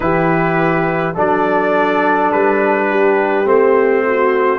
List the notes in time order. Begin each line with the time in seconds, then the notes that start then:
0.00 E3 E4 G4 B4
1.14 F#3 D4 A4 D5
2.31 G3 B4
2.89 G4
3.44 A3 C4 C5
4.06 F#4